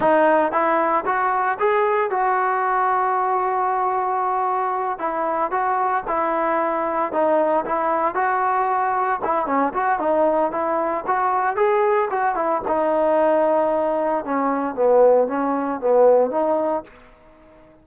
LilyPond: \new Staff \with { instrumentName = "trombone" } { \time 4/4 \tempo 4 = 114 dis'4 e'4 fis'4 gis'4 | fis'1~ | fis'4. e'4 fis'4 e'8~ | e'4. dis'4 e'4 fis'8~ |
fis'4. e'8 cis'8 fis'8 dis'4 | e'4 fis'4 gis'4 fis'8 e'8 | dis'2. cis'4 | b4 cis'4 b4 dis'4 | }